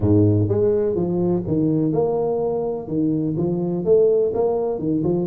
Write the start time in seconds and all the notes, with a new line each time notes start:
0.00 G#2
0.48 G#3
0.95 F3
1.47 D#3
1.92 A#3
2.87 D#3
3.36 F3
3.84 A3
4.34 A#3
4.78 D#3
5.03 F3